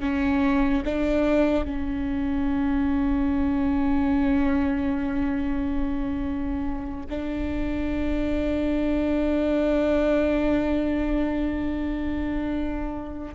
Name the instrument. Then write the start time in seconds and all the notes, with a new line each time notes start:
viola
0.00 C#4
0.84 D4
1.65 C#4
7.09 D4